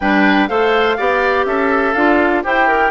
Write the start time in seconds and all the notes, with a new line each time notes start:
0.00 G3 D4 B4 G5
0.48 A3 A4 C5 F5
0.97 B3 G4 D5
1.45 C#4 A4 E5
1.93 D4 F4 F5
2.43 E4 G4 C5 G5
2.68 A#4